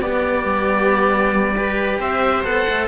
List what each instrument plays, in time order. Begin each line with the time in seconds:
0.00 cello B3, viola G4, oboe D5
0.44 cello G3
1.56 cello G4, viola B4
1.99 cello C4, viola C5, oboe E5
2.43 cello B3 A4, oboe F#5
2.68 cello A3